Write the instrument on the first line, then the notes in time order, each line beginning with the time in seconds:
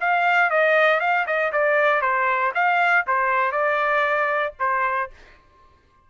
trumpet
0.00 F5
0.50 D#5
1.00 F5
1.26 D#5
1.52 D5
2.01 C5
2.54 F5
3.06 C5
3.52 D5
4.59 C5